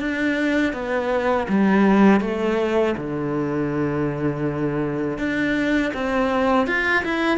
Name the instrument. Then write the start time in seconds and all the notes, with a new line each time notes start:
cello
0.00 D4
0.73 B3
1.49 G3
2.21 A3
2.98 D3
5.19 D4
5.94 C4
6.67 F4
7.04 E4